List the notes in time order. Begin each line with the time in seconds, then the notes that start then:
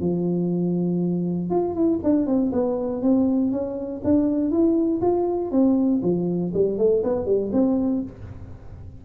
0.00 F3
1.50 F4
1.74 E4
2.03 D4
2.26 C4
2.52 B3
3.02 C4
3.52 C#4
4.04 D4
4.51 E4
5.01 F4
5.51 C4
6.02 F3
6.54 G3
6.78 A3
7.04 B3
7.26 G3
7.52 C4